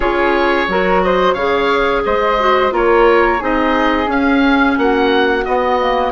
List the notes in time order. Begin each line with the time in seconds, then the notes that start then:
0.00 C#4 F4 G#4 C#5
0.68 F#3 F#4 A#4
1.03 C5 D#5
1.33 C#3 G#4 C#5 F5
2.05 G#3 C5 D#5
2.39 F#4
2.70 A#3 F4 A#4 C#5
3.39 C4 D#4 G#4 D#5
4.06 C#4 F5
4.77 A#3 F#4 F#5
5.44 B3 D#5
5.80 A#3